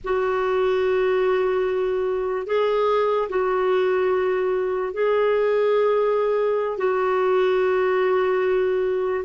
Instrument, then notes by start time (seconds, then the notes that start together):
clarinet
0.04 F#4
2.46 G#4
3.29 F#4
4.93 G#4
6.77 F#4